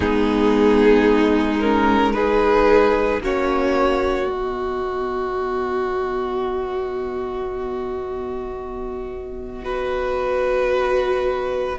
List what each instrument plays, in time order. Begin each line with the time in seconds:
0.00 cello G#3, viola B3, violin D#4 G#4
1.59 viola C#4, violin A#4
2.13 viola D#4, violin G#4 B4
3.21 cello A#3, viola C#4, violin F#4 C#5
4.26 viola B3, cello B3, violin D#5
9.62 viola F#4, violin B4